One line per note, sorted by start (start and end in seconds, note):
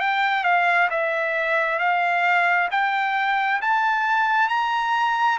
0.00 0.44 G5
0.44 0.89 F5
0.91 1.79 E5
1.79 2.69 F5
2.72 3.61 G5
3.61 4.49 A5
4.49 5.39 A#5